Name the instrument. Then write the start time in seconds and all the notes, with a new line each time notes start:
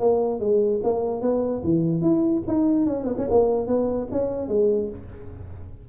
tuba
0.00 A#3
0.40 G#3
0.84 A#3
1.22 B3
1.64 E3
2.01 E4
2.47 D#4
2.86 C#4
3.04 B3
3.18 C#4
3.30 A#3
3.67 B3
4.12 C#4
4.48 G#3